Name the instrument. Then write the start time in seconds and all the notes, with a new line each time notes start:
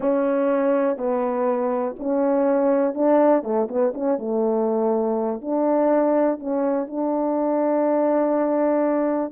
horn
0.00 C#4
0.97 B3
1.98 C#4
2.94 D4
3.43 A3
3.68 B3
3.94 C#4
4.18 A3
5.41 D4
6.39 C#4
6.86 D4